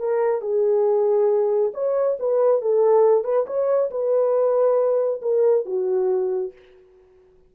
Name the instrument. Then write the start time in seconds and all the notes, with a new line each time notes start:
horn
0.00 A#4
0.42 G#4
1.74 C#5
2.20 B4
2.62 A4
3.25 B4
3.47 C#5
3.91 B4
5.22 A#4
5.66 F#4